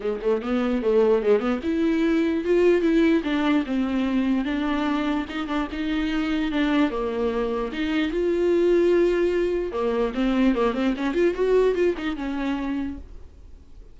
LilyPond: \new Staff \with { instrumentName = "viola" } { \time 4/4 \tempo 4 = 148 gis8 a8 b4 a4 gis8 b8 | e'2 f'4 e'4 | d'4 c'2 d'4~ | d'4 dis'8 d'8 dis'2 |
d'4 ais2 dis'4 | f'1 | ais4 c'4 ais8 c'8 cis'8 f'8 | fis'4 f'8 dis'8 cis'2 | }